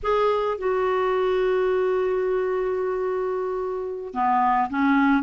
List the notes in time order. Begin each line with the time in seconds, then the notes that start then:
0.03 G#4
0.58 F#4
4.14 B3
4.69 C#4